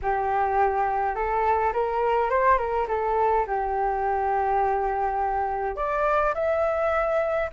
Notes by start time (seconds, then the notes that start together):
0.02 G4
1.15 A4
1.73 A#4
2.29 C5
2.58 A#4
2.88 A4
3.46 G4
5.76 D5
6.34 E5